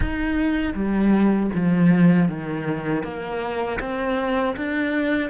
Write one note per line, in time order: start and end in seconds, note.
0.00 0.73 D#4
0.74 1.50 G3
1.54 2.28 F3
2.28 3.03 D#3
3.03 3.79 A#3
3.80 4.56 C4
4.56 5.30 D4